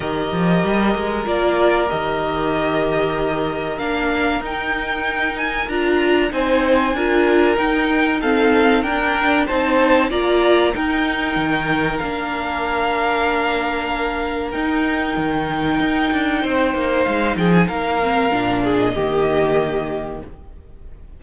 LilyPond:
<<
  \new Staff \with { instrumentName = "violin" } { \time 4/4 \tempo 4 = 95 dis''2 d''4 dis''4~ | dis''2 f''4 g''4~ | g''8 gis''8 ais''4 gis''2 | g''4 f''4 g''4 a''4 |
ais''4 g''2 f''4~ | f''2. g''4~ | g''2. f''8 g''16 gis''16 | f''4.~ f''16 dis''2~ dis''16 | }
  \new Staff \with { instrumentName = "violin" } { \time 4/4 ais'1~ | ais'1~ | ais'2 c''4 ais'4~ | ais'4 a'4 ais'4 c''4 |
d''4 ais'2.~ | ais'1~ | ais'2 c''4. gis'8 | ais'4. gis'8 g'2 | }
  \new Staff \with { instrumentName = "viola" } { \time 4/4 g'2 f'4 g'4~ | g'2 d'4 dis'4~ | dis'4 f'4 dis'4 f'4 | dis'4 c'4 d'4 dis'4 |
f'4 dis'2 d'4~ | d'2. dis'4~ | dis'1~ | dis'8 c'8 d'4 ais2 | }
  \new Staff \with { instrumentName = "cello" } { \time 4/4 dis8 f8 g8 gis8 ais4 dis4~ | dis2 ais4 dis'4~ | dis'4 d'4 c'4 d'4 | dis'2 d'4 c'4 |
ais4 dis'4 dis4 ais4~ | ais2. dis'4 | dis4 dis'8 d'8 c'8 ais8 gis8 f8 | ais4 ais,4 dis2 | }
>>